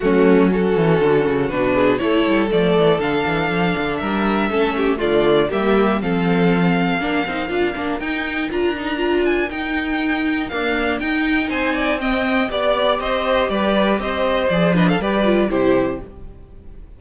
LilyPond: <<
  \new Staff \with { instrumentName = "violin" } { \time 4/4 \tempo 4 = 120 fis'4 a'2 b'4 | cis''4 d''4 f''2 | e''2 d''4 e''4 | f''1 |
g''4 ais''4. gis''8 g''4~ | g''4 f''4 g''4 gis''4 | g''4 d''4 dis''4 d''4 | dis''4 d''8 dis''16 f''16 d''4 c''4 | }
  \new Staff \with { instrumentName = "violin" } { \time 4/4 cis'4 fis'2~ fis'8 gis'8 | a'1 | ais'4 a'8 g'8 f'4 g'4 | a'2 ais'2~ |
ais'1~ | ais'2. c''8 d''8 | dis''4 d''4 c''4 b'4 | c''4. b'16 a'16 b'4 g'4 | }
  \new Staff \with { instrumentName = "viola" } { \time 4/4 a4 cis'2 d'4 | e'4 a4 d'2~ | d'4 cis'4 a4 ais4 | c'2 d'8 dis'8 f'8 d'8 |
dis'4 f'8 dis'8 f'4 dis'4~ | dis'4 ais4 dis'2 | c'4 g'2.~ | g'4 gis'8 d'8 g'8 f'8 e'4 | }
  \new Staff \with { instrumentName = "cello" } { \time 4/4 fis4. e8 d8 cis8 b,4 | a8 g8 f8 e8 d8 e8 f8 d8 | g4 a4 d4 g4 | f2 ais8 c'8 d'8 ais8 |
dis'4 d'2 dis'4~ | dis'4 d'4 dis'4 c'4~ | c'4 b4 c'4 g4 | c'4 f4 g4 c4 | }
>>